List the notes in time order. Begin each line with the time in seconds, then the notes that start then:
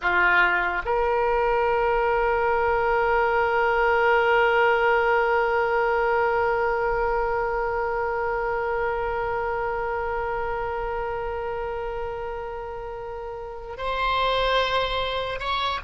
0.01 F4
0.85 A#4
13.77 C5
15.39 C#5